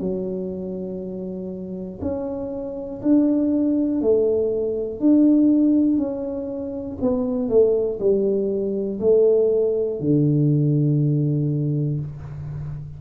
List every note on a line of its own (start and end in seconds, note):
0.00 2.00 F#3
2.01 3.01 C#4
3.02 4.01 D4
4.01 5.00 A3
5.00 5.98 D4
5.98 6.98 C#4
7.01 7.49 B3
7.49 7.99 A3
8.00 9.00 G3
9.00 10.00 A3
10.00 12.00 D3